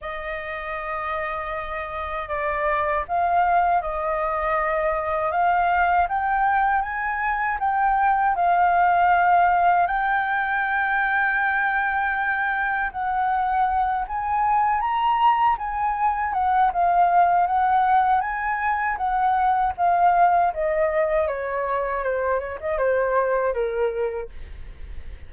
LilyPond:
\new Staff \with { instrumentName = "flute" } { \time 4/4 \tempo 4 = 79 dis''2. d''4 | f''4 dis''2 f''4 | g''4 gis''4 g''4 f''4~ | f''4 g''2.~ |
g''4 fis''4. gis''4 ais''8~ | ais''8 gis''4 fis''8 f''4 fis''4 | gis''4 fis''4 f''4 dis''4 | cis''4 c''8 cis''16 dis''16 c''4 ais'4 | }